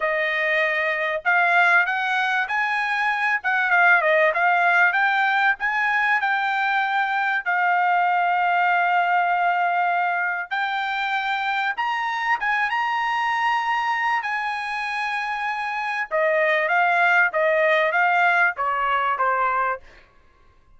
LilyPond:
\new Staff \with { instrumentName = "trumpet" } { \time 4/4 \tempo 4 = 97 dis''2 f''4 fis''4 | gis''4. fis''8 f''8 dis''8 f''4 | g''4 gis''4 g''2 | f''1~ |
f''4 g''2 ais''4 | gis''8 ais''2~ ais''8 gis''4~ | gis''2 dis''4 f''4 | dis''4 f''4 cis''4 c''4 | }